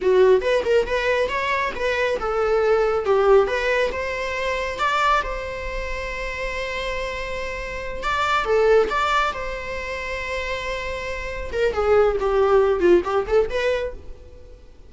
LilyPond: \new Staff \with { instrumentName = "viola" } { \time 4/4 \tempo 4 = 138 fis'4 b'8 ais'8 b'4 cis''4 | b'4 a'2 g'4 | b'4 c''2 d''4 | c''1~ |
c''2~ c''8 d''4 a'8~ | a'8 d''4 c''2~ c''8~ | c''2~ c''8 ais'8 gis'4 | g'4. f'8 g'8 a'8 b'4 | }